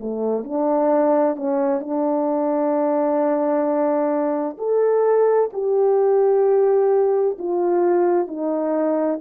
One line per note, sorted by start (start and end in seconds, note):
0.00 0.44 A3
0.44 1.36 D4
1.36 1.80 C#4
1.80 4.57 D4
4.57 5.50 A4
5.53 7.37 G4
7.38 8.27 F4
8.27 9.19 D#4